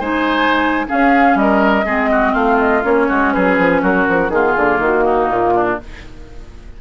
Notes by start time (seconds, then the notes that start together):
0.00 G#3 D#4 C5 G#5
0.87 C#4 G#4 F5
1.35 G3 A#4 D#5
1.86 G#3 C4 G#4
2.12 F#4
2.32 A3 F4 F5
2.59 D#5
2.83 A#3 C#4 C#5
3.09 G#3 F#4
3.33 F#3 G#4 B4
3.59 F3
3.82 F#3 F#4 A#4
4.09 F3
4.29 D#3 B3 F4 G#4
4.56 D3 A#3
4.79 D#3 F#4
5.04 D#4
5.30 A#2 F4
5.55 D4